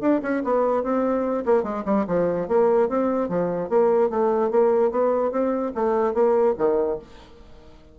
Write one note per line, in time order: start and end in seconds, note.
0.00 0.20 D4
0.22 0.42 C#4
0.44 0.83 B3
0.83 1.44 C4
1.45 1.63 A#3
1.63 1.83 G#3
1.85 2.05 G3
2.07 2.47 F3
2.47 2.88 A#3
2.88 3.28 C4
3.28 3.69 F3
3.69 4.10 A#3
4.10 4.50 A3
4.50 4.91 A#3
4.91 5.31 B3
5.31 5.72 C4
5.74 6.14 A3
6.14 6.54 A#3
6.58 6.99 D#3